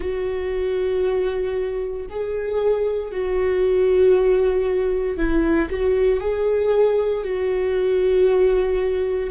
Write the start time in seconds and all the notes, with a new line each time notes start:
0.00 F#4
2.09 G#4
3.11 F#4
5.17 E4
5.69 F#4
6.20 G#4
7.23 F#4